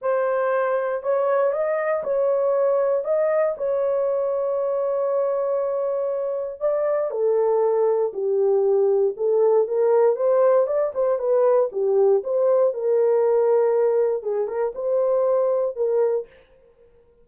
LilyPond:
\new Staff \with { instrumentName = "horn" } { \time 4/4 \tempo 4 = 118 c''2 cis''4 dis''4 | cis''2 dis''4 cis''4~ | cis''1~ | cis''4 d''4 a'2 |
g'2 a'4 ais'4 | c''4 d''8 c''8 b'4 g'4 | c''4 ais'2. | gis'8 ais'8 c''2 ais'4 | }